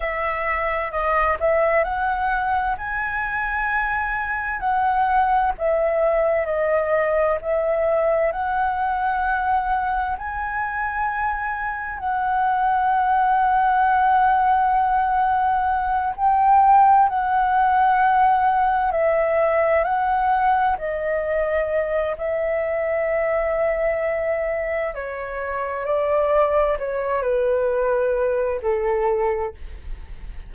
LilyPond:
\new Staff \with { instrumentName = "flute" } { \time 4/4 \tempo 4 = 65 e''4 dis''8 e''8 fis''4 gis''4~ | gis''4 fis''4 e''4 dis''4 | e''4 fis''2 gis''4~ | gis''4 fis''2.~ |
fis''4. g''4 fis''4.~ | fis''8 e''4 fis''4 dis''4. | e''2. cis''4 | d''4 cis''8 b'4. a'4 | }